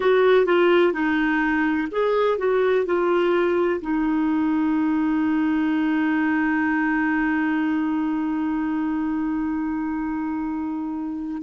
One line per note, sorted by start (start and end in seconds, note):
0.00 0.45 F#4
0.45 0.93 F4
0.93 1.88 D#4
1.91 2.38 G#4
2.38 2.85 F#4
2.85 3.81 F4
3.81 11.42 D#4